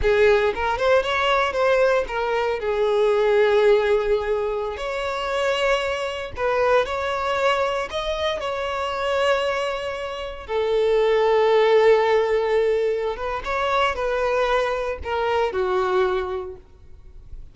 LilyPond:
\new Staff \with { instrumentName = "violin" } { \time 4/4 \tempo 4 = 116 gis'4 ais'8 c''8 cis''4 c''4 | ais'4 gis'2.~ | gis'4~ gis'16 cis''2~ cis''8.~ | cis''16 b'4 cis''2 dis''8.~ |
dis''16 cis''2.~ cis''8.~ | cis''16 a'2.~ a'8.~ | a'4. b'8 cis''4 b'4~ | b'4 ais'4 fis'2 | }